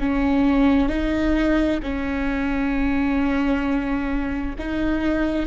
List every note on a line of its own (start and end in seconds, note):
0.00 0.89 C#4
0.89 1.80 D#4
1.83 4.56 C#4
4.59 5.47 D#4